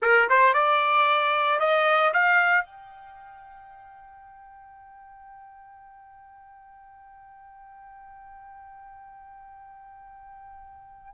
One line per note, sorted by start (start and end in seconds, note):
0.02 0.28 A#4
0.29 0.53 C5
0.53 1.59 D5
1.59 2.12 D#5
2.13 2.65 F5
2.65 11.14 G5